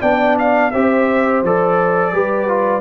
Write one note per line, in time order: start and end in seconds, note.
0.00 0.73 B3
0.00 0.72 D4
0.00 0.71 D5
0.00 0.37 G5
0.39 0.71 F5
0.71 1.42 C4
0.71 1.45 G4
0.71 2.13 C5
0.71 1.42 E5
1.42 2.13 F3
1.42 2.14 A4
1.42 2.81 D5
2.13 2.81 G3
2.13 2.48 G4
2.13 2.81 B4
2.48 2.81 F4